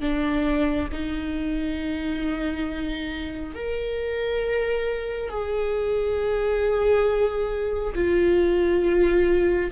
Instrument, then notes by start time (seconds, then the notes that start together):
viola
0.00 D4
0.91 D#4
3.54 A#4
5.29 G#4
7.95 F4